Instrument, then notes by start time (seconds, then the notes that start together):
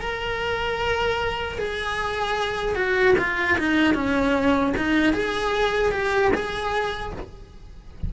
cello
0.00 A#4
1.58 G#4
2.75 F#4
3.18 F4
3.58 D#4
3.94 C#4
4.77 D#4
5.13 G#4
5.92 G4
6.34 G#4